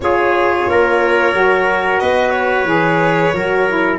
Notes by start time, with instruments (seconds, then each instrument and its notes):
0.00 tuba C#4, saxophone F4, trumpet G#4, violin C#5
0.67 tuba A#3, trumpet A#4
1.33 tuba F#3, saxophone F#4
1.99 tuba B3, trumpet B4, violin D#5
2.29 violin C#5
2.64 tuba E3, saxophone G#4
3.33 tuba F#3, saxophone F#4, trumpet A#4
3.68 saxophone E4